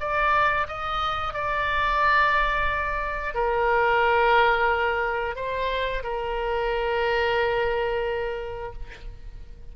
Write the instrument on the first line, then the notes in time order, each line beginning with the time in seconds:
oboe
0.00 D5
0.68 D#5
1.34 D5
3.34 A#4
5.35 C5
6.03 A#4